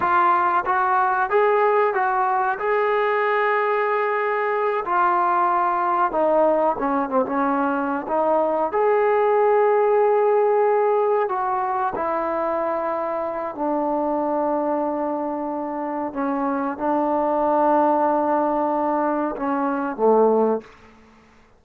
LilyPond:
\new Staff \with { instrumentName = "trombone" } { \time 4/4 \tempo 4 = 93 f'4 fis'4 gis'4 fis'4 | gis'2.~ gis'8 f'8~ | f'4. dis'4 cis'8 c'16 cis'8.~ | cis'8 dis'4 gis'2~ gis'8~ |
gis'4. fis'4 e'4.~ | e'4 d'2.~ | d'4 cis'4 d'2~ | d'2 cis'4 a4 | }